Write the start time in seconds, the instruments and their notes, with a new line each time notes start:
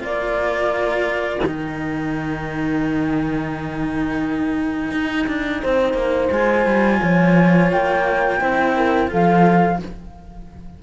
0.00 cello A#3 F4, horn A#4, flute D5
1.42 cello D#3 D#4, flute G5
4.91 cello D#4
5.27 cello D4
5.61 cello C4, horn C5
5.94 cello A#3
6.31 cello G#3 F4, flute G#5
6.66 cello G3
7.02 cello F3, horn C#5
7.72 cello A#3, flute G5
8.40 cello C4 E4, horn C5
8.77 horn A#4
9.08 cello F3 F4, horn A4, flute F5